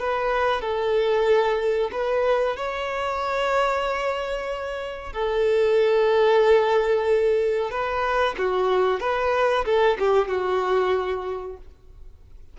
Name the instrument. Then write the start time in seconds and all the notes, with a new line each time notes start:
violin
0.00 B4
0.62 A4
1.92 B4
2.57 C#5
5.13 A4
7.71 B4
8.38 F#4
9.01 B4
9.66 A4
9.99 G4
10.28 F#4